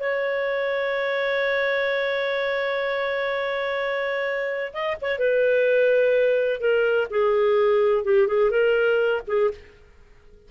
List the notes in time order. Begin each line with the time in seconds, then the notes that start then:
0.00 C#5
4.73 D#5
5.02 C#5
5.19 B4
6.60 A#4
7.10 G#4
8.05 G4
8.28 G#4
8.51 A#4
9.27 G#4